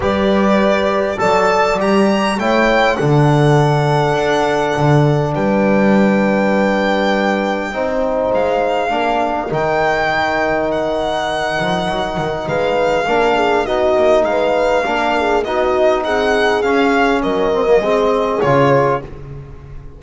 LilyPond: <<
  \new Staff \with { instrumentName = "violin" } { \time 4/4 \tempo 4 = 101 d''2 a''4 ais''4 | g''4 fis''2.~ | fis''4 g''2.~ | g''2 f''2 |
g''2 fis''2~ | fis''4 f''2 dis''4 | f''2 dis''4 fis''4 | f''4 dis''2 cis''4 | }
  \new Staff \with { instrumentName = "horn" } { \time 4/4 b'2 d''2 | cis''4 a'2.~ | a'4 b'2.~ | b'4 c''2 ais'4~ |
ais'1~ | ais'4 b'4 ais'8 gis'8 fis'4 | b'4 ais'8 gis'8 fis'4 gis'4~ | gis'4 ais'4 gis'2 | }
  \new Staff \with { instrumentName = "trombone" } { \time 4/4 g'2 a'4 g'4 | e'4 d'2.~ | d'1~ | d'4 dis'2 d'4 |
dis'1~ | dis'2 d'4 dis'4~ | dis'4 d'4 dis'2 | cis'4. c'16 ais16 c'4 f'4 | }
  \new Staff \with { instrumentName = "double bass" } { \time 4/4 g2 fis4 g4 | a4 d2 d'4 | d4 g2.~ | g4 c'4 gis4 ais4 |
dis2.~ dis8 f8 | fis8 dis8 gis4 ais4 b8 ais8 | gis4 ais4 b4 c'4 | cis'4 fis4 gis4 cis4 | }
>>